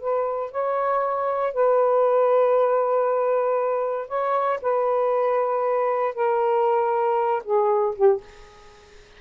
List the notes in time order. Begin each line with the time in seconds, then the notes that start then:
0.00 B4
0.51 C#5
1.53 B4
4.08 C#5
4.62 B4
6.14 A#4
7.44 G#4
7.95 G4